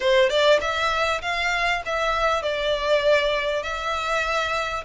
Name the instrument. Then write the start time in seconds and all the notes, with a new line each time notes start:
violin
0.00 C5
0.29 D5
0.60 E5
1.21 F5
1.85 E5
2.42 D5
3.62 E5